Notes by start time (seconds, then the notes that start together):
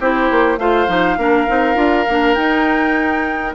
0.00 C4 E4 G4 C5
0.31 A#3
0.58 A3 F4 C5 F5
0.87 F3 D#4
1.18 A#3 D4 A#4
1.48 C4 D#4
1.75 D4 F4
2.08 A#3 D4
2.34 D#4 G5